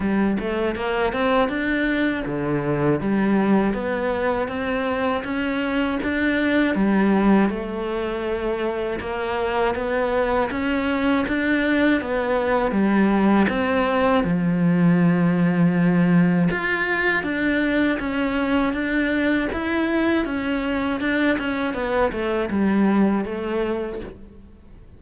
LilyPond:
\new Staff \with { instrumentName = "cello" } { \time 4/4 \tempo 4 = 80 g8 a8 ais8 c'8 d'4 d4 | g4 b4 c'4 cis'4 | d'4 g4 a2 | ais4 b4 cis'4 d'4 |
b4 g4 c'4 f4~ | f2 f'4 d'4 | cis'4 d'4 e'4 cis'4 | d'8 cis'8 b8 a8 g4 a4 | }